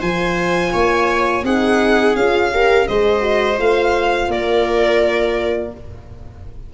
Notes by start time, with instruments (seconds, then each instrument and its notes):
0.00 tuba F3, horn F4, viola C5, violin G#5
0.73 tuba A#3, viola C#5
1.43 tuba C4, horn D#4, viola G#4, violin F#5
2.16 tuba C#4, horn F4, violin F5
2.52 horn G4, viola A#4
2.88 tuba G#3, horn G#4, viola C5, violin D#5
3.21 horn F#4
3.58 tuba A3, horn F4, violin F5
4.29 tuba A#3, viola A#4, violin D5